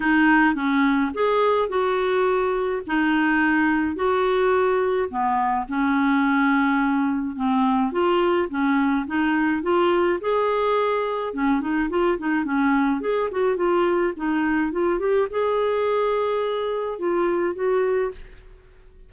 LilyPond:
\new Staff \with { instrumentName = "clarinet" } { \time 4/4 \tempo 4 = 106 dis'4 cis'4 gis'4 fis'4~ | fis'4 dis'2 fis'4~ | fis'4 b4 cis'2~ | cis'4 c'4 f'4 cis'4 |
dis'4 f'4 gis'2 | cis'8 dis'8 f'8 dis'8 cis'4 gis'8 fis'8 | f'4 dis'4 f'8 g'8 gis'4~ | gis'2 f'4 fis'4 | }